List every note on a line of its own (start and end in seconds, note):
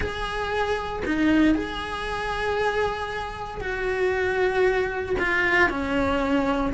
0.00 1.03 G#4
1.05 1.54 D#4
1.54 3.61 G#4
3.61 5.16 F#4
5.19 5.69 F4
5.69 6.73 C#4